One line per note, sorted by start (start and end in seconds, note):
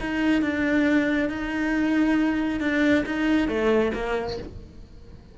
0.00 0.42 D#4
0.42 1.29 D4
1.29 2.60 D#4
2.60 3.04 D4
3.06 3.48 D#4
3.48 3.92 A3
3.94 4.37 A#3